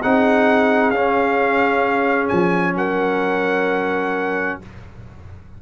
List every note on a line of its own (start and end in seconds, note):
0.00 0.91 C4
0.00 0.95 D#4
0.00 2.75 G#4
0.00 0.91 F#5
0.91 2.29 C#4
0.91 4.62 C#4
0.91 2.28 F5
2.28 2.75 F3
2.28 2.74 G#5
2.75 4.58 F#3
2.75 4.60 A#4
2.75 4.60 F#5